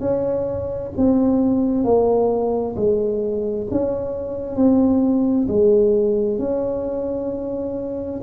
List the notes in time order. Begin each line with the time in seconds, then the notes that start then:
0.00 C#4
0.97 C4
1.84 A#3
2.76 G#3
3.71 C#4
4.56 C4
5.48 G#3
6.39 C#4